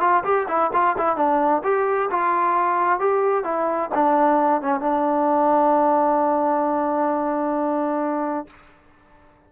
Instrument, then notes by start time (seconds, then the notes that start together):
trombone
0.00 F4
0.24 G4
0.48 E4
0.73 F4
0.97 E4
1.16 D4
1.63 G4
2.10 F4
2.99 G4
3.44 E4
3.94 D4
4.61 C#4
4.80 D4